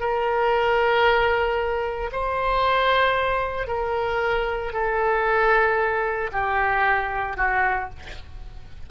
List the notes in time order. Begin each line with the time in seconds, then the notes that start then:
0.00 A#4
2.12 C5
3.67 A#4
4.73 A4
6.32 G4
7.37 F#4